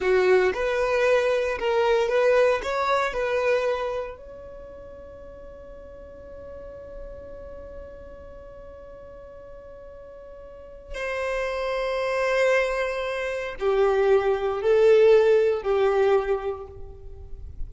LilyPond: \new Staff \with { instrumentName = "violin" } { \time 4/4 \tempo 4 = 115 fis'4 b'2 ais'4 | b'4 cis''4 b'2 | cis''1~ | cis''1~ |
cis''1~ | cis''4 c''2.~ | c''2 g'2 | a'2 g'2 | }